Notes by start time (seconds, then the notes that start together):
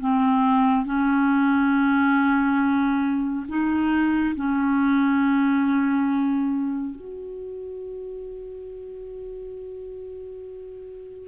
0.00 C4
0.85 C#4
3.48 D#4
4.36 C#4
6.96 F#4